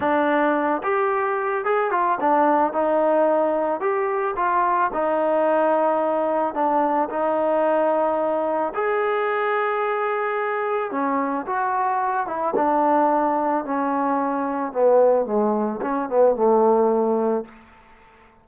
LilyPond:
\new Staff \with { instrumentName = "trombone" } { \time 4/4 \tempo 4 = 110 d'4. g'4. gis'8 f'8 | d'4 dis'2 g'4 | f'4 dis'2. | d'4 dis'2. |
gis'1 | cis'4 fis'4. e'8 d'4~ | d'4 cis'2 b4 | gis4 cis'8 b8 a2 | }